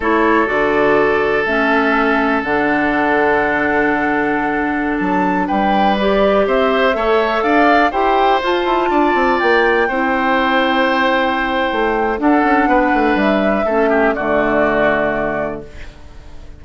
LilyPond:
<<
  \new Staff \with { instrumentName = "flute" } { \time 4/4 \tempo 4 = 123 cis''4 d''2 e''4~ | e''4 fis''2.~ | fis''2~ fis''16 a''4 g''8.~ | g''16 d''4 e''2 f''8.~ |
f''16 g''4 a''2 g''8.~ | g''1~ | g''4 fis''2 e''4~ | e''4 d''2. | }
  \new Staff \with { instrumentName = "oboe" } { \time 4/4 a'1~ | a'1~ | a'2.~ a'16 b'8.~ | b'4~ b'16 c''4 cis''4 d''8.~ |
d''16 c''2 d''4.~ d''16~ | d''16 c''2.~ c''8.~ | c''4 a'4 b'2 | a'8 g'8 fis'2. | }
  \new Staff \with { instrumentName = "clarinet" } { \time 4/4 e'4 fis'2 cis'4~ | cis'4 d'2.~ | d'1~ | d'16 g'2 a'4.~ a'16~ |
a'16 g'4 f'2~ f'8.~ | f'16 e'2.~ e'8.~ | e'4 d'2. | cis'4 a2. | }
  \new Staff \with { instrumentName = "bassoon" } { \time 4/4 a4 d2 a4~ | a4 d2.~ | d2~ d16 fis4 g8.~ | g4~ g16 c'4 a4 d'8.~ |
d'16 e'4 f'8 e'8 d'8 c'8 ais8.~ | ais16 c'2.~ c'8. | a4 d'8 cis'8 b8 a8 g4 | a4 d2. | }
>>